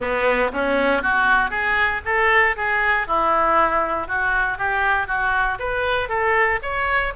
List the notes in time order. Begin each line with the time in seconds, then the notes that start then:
0.00 B3
0.52 C#4
1.02 F#4
1.50 G#4
2.05 A4
2.56 G#4
3.07 E4
4.07 F#4
4.58 G4
5.07 F#4
5.59 B4
6.09 A4
6.62 C#5